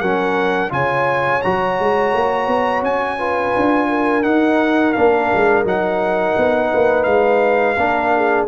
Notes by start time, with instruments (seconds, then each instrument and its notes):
0.00 tuba F#3, trombone C#4, horn A#4, trumpet F#5
0.70 tuba C#3, trombone F4, horn C#5, trumpet G#5
1.42 tuba F#3, trombone F#4, trumpet A#5
1.80 tuba G#3
2.14 tuba A#3
2.47 tuba B3
2.82 tuba C#4, trumpet G#5
3.18 trombone F4, horn B4
3.56 tuba D4
3.89 horn A#4
4.23 trombone D#4, tuba D#4, trumpet F#5
4.93 tuba A#3, trombone D4, trumpet F5
5.35 tuba G#3
5.65 tuba F#3, trombone D#4, trumpet F#5
6.37 tuba B3
6.71 tuba A#3, horn B4
7.04 tuba G#3, trumpet F5
7.77 tuba A#3, trombone D4, horn A#4
8.17 horn G#4